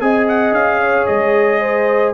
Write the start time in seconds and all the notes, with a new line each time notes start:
0.00 C4 G#4 D#5 G#5
0.28 F#5
0.51 C#4 F5
0.81 C#5
1.06 G#3 D#5
1.60 C5